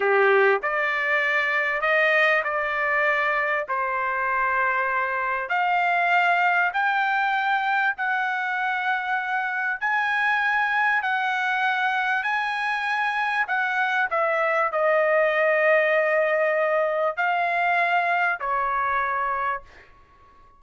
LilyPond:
\new Staff \with { instrumentName = "trumpet" } { \time 4/4 \tempo 4 = 98 g'4 d''2 dis''4 | d''2 c''2~ | c''4 f''2 g''4~ | g''4 fis''2. |
gis''2 fis''2 | gis''2 fis''4 e''4 | dis''1 | f''2 cis''2 | }